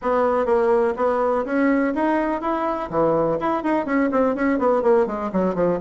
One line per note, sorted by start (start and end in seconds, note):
0.01 0.45 B3
0.45 0.94 A#3
0.96 1.44 B3
1.45 1.93 C#4
1.94 2.41 D#4
2.41 2.89 E4
2.90 3.38 E3
3.40 3.63 E4
3.63 3.85 D#4
3.85 4.09 C#4
4.11 4.35 C4
4.35 4.58 C#4
4.58 4.82 B3
4.82 5.06 A#3
5.06 5.30 G#3
5.32 5.54 F#3
5.54 5.78 F3